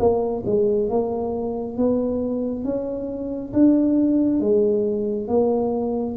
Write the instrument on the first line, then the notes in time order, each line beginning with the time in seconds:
tuba
0.00 A#3
0.46 G#3
0.90 A#3
1.78 B3
2.65 C#4
3.54 D4
4.41 G#3
5.29 A#3